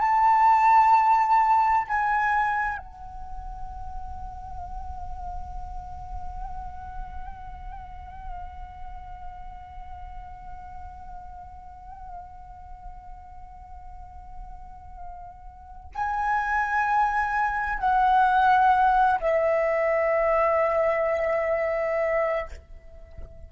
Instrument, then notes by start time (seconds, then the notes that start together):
flute
0.00 A5
1.88 G#5
2.78 F#5
15.95 G#5
17.79 F#5
19.21 E5